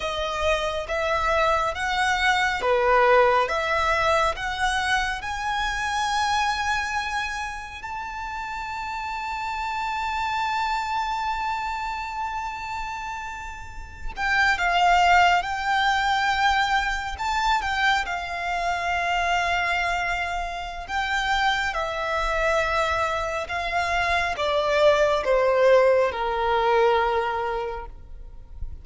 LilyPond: \new Staff \with { instrumentName = "violin" } { \time 4/4 \tempo 4 = 69 dis''4 e''4 fis''4 b'4 | e''4 fis''4 gis''2~ | gis''4 a''2.~ | a''1~ |
a''16 g''8 f''4 g''2 a''16~ | a''16 g''8 f''2.~ f''16 | g''4 e''2 f''4 | d''4 c''4 ais'2 | }